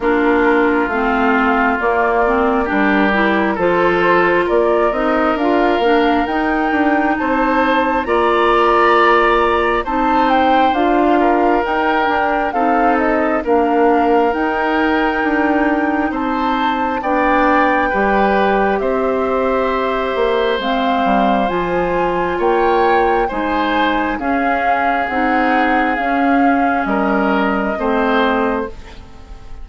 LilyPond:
<<
  \new Staff \with { instrumentName = "flute" } { \time 4/4 \tempo 4 = 67 ais'4 f''4 d''4 ais'4 | c''4 d''8 dis''8 f''4 g''4 | a''4 ais''2 a''8 g''8 | f''4 g''4 f''8 dis''8 f''4 |
g''2 a''4 g''4~ | g''4 e''2 f''4 | gis''4 g''4 gis''4 f''4 | fis''4 f''4 dis''2 | }
  \new Staff \with { instrumentName = "oboe" } { \time 4/4 f'2. g'4 | a'4 ais'2. | c''4 d''2 c''4~ | c''8 ais'4. a'4 ais'4~ |
ais'2 c''4 d''4 | b'4 c''2.~ | c''4 cis''4 c''4 gis'4~ | gis'2 ais'4 c''4 | }
  \new Staff \with { instrumentName = "clarinet" } { \time 4/4 d'4 c'4 ais8 c'8 d'8 e'8 | f'4. dis'8 f'8 d'8 dis'4~ | dis'4 f'2 dis'4 | f'4 dis'8 d'8 dis'4 d'4 |
dis'2. d'4 | g'2. c'4 | f'2 dis'4 cis'4 | dis'4 cis'2 c'4 | }
  \new Staff \with { instrumentName = "bassoon" } { \time 4/4 ais4 a4 ais4 g4 | f4 ais8 c'8 d'8 ais8 dis'8 d'8 | c'4 ais2 c'4 | d'4 dis'8 d'8 c'4 ais4 |
dis'4 d'4 c'4 b4 | g4 c'4. ais8 gis8 g8 | f4 ais4 gis4 cis'4 | c'4 cis'4 g4 a4 | }
>>